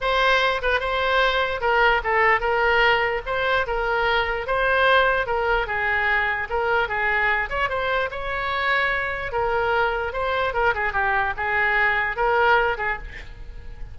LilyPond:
\new Staff \with { instrumentName = "oboe" } { \time 4/4 \tempo 4 = 148 c''4. b'8 c''2 | ais'4 a'4 ais'2 | c''4 ais'2 c''4~ | c''4 ais'4 gis'2 |
ais'4 gis'4. cis''8 c''4 | cis''2. ais'4~ | ais'4 c''4 ais'8 gis'8 g'4 | gis'2 ais'4. gis'8 | }